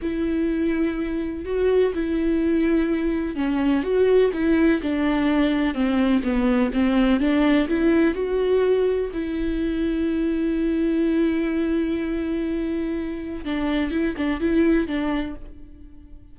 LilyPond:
\new Staff \with { instrumentName = "viola" } { \time 4/4 \tempo 4 = 125 e'2. fis'4 | e'2. cis'4 | fis'4 e'4 d'2 | c'4 b4 c'4 d'4 |
e'4 fis'2 e'4~ | e'1~ | e'1 | d'4 e'8 d'8 e'4 d'4 | }